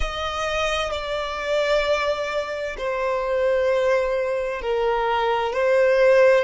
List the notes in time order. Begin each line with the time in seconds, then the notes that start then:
0.00 D#5
0.91 D5
2.77 C5
4.62 A#4
5.53 C5